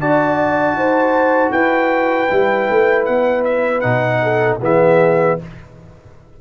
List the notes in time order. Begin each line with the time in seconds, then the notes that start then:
0.00 D4 F#4 D5 A5
0.74 D#4 C5
1.52 E4 B4 G5
2.30 G3 E4
2.71 A3
3.06 B3 F#5
3.45 E5
3.81 B2 D#4 F#5
4.23 A4
4.62 E3 B3 G#4 E5